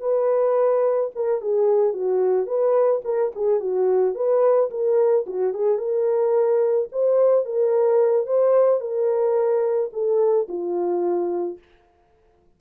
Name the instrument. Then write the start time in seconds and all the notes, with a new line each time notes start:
horn
0.00 B4
1.15 A#4
1.41 G#4
1.93 F#4
2.46 B4
3.05 A#4
3.35 G#4
3.60 F#4
4.15 B4
4.70 A#4
5.26 F#4
5.53 G#4
5.78 A#4
6.92 C5
7.45 A#4
8.26 C5
8.80 A#4
9.93 A4
10.48 F4